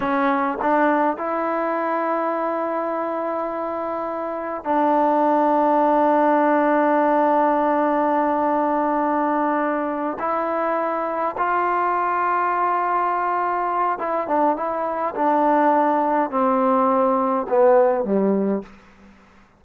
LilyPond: \new Staff \with { instrumentName = "trombone" } { \time 4/4 \tempo 4 = 103 cis'4 d'4 e'2~ | e'1 | d'1~ | d'1~ |
d'4. e'2 f'8~ | f'1 | e'8 d'8 e'4 d'2 | c'2 b4 g4 | }